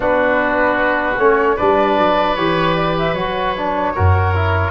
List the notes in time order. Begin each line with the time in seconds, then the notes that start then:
0.00 B3 D4 F#4 B4
1.18 A3 C#4 C#5
1.56 G3 D4 B4 D5
1.98 F#3
2.35 E3 G4 C#5
2.75 D5
2.99 E5
3.13 F#3 F#4 C#5
3.56 D4
3.95 F#2 F#4 A#4
4.35 E4